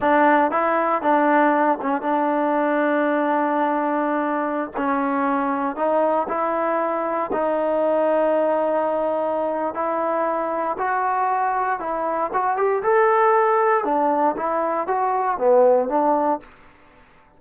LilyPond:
\new Staff \with { instrumentName = "trombone" } { \time 4/4 \tempo 4 = 117 d'4 e'4 d'4. cis'8 | d'1~ | d'4~ d'16 cis'2 dis'8.~ | dis'16 e'2 dis'4.~ dis'16~ |
dis'2. e'4~ | e'4 fis'2 e'4 | fis'8 g'8 a'2 d'4 | e'4 fis'4 b4 d'4 | }